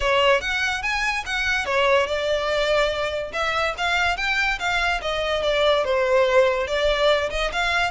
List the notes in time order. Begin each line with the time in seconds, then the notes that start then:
0.00 C#5
0.41 F#5
0.82 G#5
1.26 F#5
1.65 C#5
2.06 D5
3.32 E5
3.77 F5
4.17 G5
4.59 F5
5.01 D#5
5.42 D5
5.84 C5
6.67 D5
7.30 D#5
7.52 F5